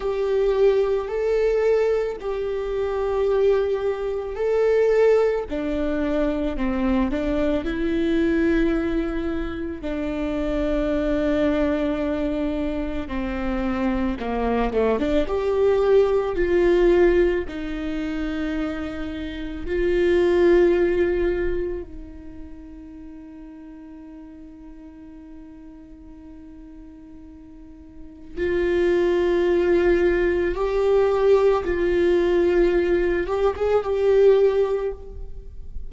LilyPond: \new Staff \with { instrumentName = "viola" } { \time 4/4 \tempo 4 = 55 g'4 a'4 g'2 | a'4 d'4 c'8 d'8 e'4~ | e'4 d'2. | c'4 ais8 a16 d'16 g'4 f'4 |
dis'2 f'2 | dis'1~ | dis'2 f'2 | g'4 f'4. g'16 gis'16 g'4 | }